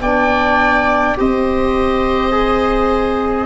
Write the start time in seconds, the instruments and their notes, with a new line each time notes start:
0.00 tuba B3, trombone D4, viola D5, oboe G5
1.17 tuba C4, trombone G4, viola C5, oboe D#5
2.31 trombone G#4